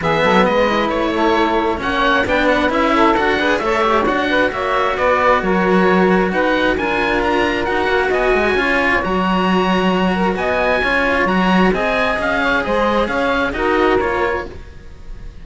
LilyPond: <<
  \new Staff \with { instrumentName = "oboe" } { \time 4/4 \tempo 4 = 133 e''4 dis''4 cis''2 | fis''4 g''8 fis''8 e''4 fis''4 | e''4 fis''4 e''4 d''4 | cis''2 fis''4 gis''4 |
ais''4 fis''4 gis''2 | ais''2. gis''4~ | gis''4 ais''4 gis''4 f''4 | dis''4 f''4 dis''4 cis''4 | }
  \new Staff \with { instrumentName = "saxophone" } { \time 4/4 gis'8 a'8 b'4. a'4. | cis''4 b'4. a'4 b'8 | cis''4. b'8 cis''4 b'4 | ais'2 b'4 ais'4~ |
ais'2 dis''4 cis''4~ | cis''2~ cis''8 ais'8 dis''4 | cis''2 dis''4. cis''8 | c''4 cis''4 ais'2 | }
  \new Staff \with { instrumentName = "cello" } { \time 4/4 b4. e'2~ e'8 | cis'4 d'4 e'4 fis'8 gis'8 | a'8 g'8 fis'2.~ | fis'2. f'4~ |
f'4 fis'2 f'4 | fis'1 | f'4 fis'4 gis'2~ | gis'2 fis'4 f'4 | }
  \new Staff \with { instrumentName = "cello" } { \time 4/4 e8 fis8 gis4 a2 | ais4 b4 cis'4 d'4 | a4 d'4 ais4 b4 | fis2 dis'4 d'4~ |
d'4 dis'8 ais8 b8 gis8 cis'4 | fis2. b4 | cis'4 fis4 c'4 cis'4 | gis4 cis'4 dis'4 ais4 | }
>>